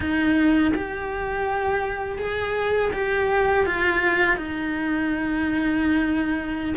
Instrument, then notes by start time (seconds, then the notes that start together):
cello
0.00 D#4
0.75 G4
2.18 G#4
2.93 G4
3.66 F4
4.37 D#4